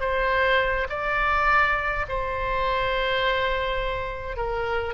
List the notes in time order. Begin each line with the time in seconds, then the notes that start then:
0.00 C5
0.89 D5
2.09 C5
4.37 A#4